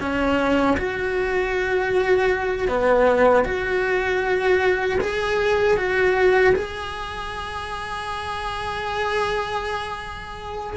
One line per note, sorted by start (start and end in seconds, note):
0.00 0.77 C#4
0.77 2.68 F#4
2.68 3.45 B3
3.45 4.99 F#4
5.01 5.77 G#4
5.77 6.54 F#4
6.55 10.77 G#4